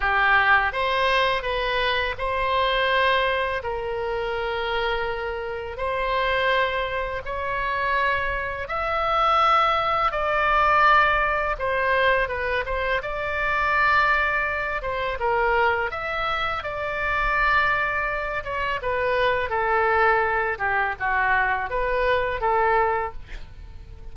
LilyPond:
\new Staff \with { instrumentName = "oboe" } { \time 4/4 \tempo 4 = 83 g'4 c''4 b'4 c''4~ | c''4 ais'2. | c''2 cis''2 | e''2 d''2 |
c''4 b'8 c''8 d''2~ | d''8 c''8 ais'4 e''4 d''4~ | d''4. cis''8 b'4 a'4~ | a'8 g'8 fis'4 b'4 a'4 | }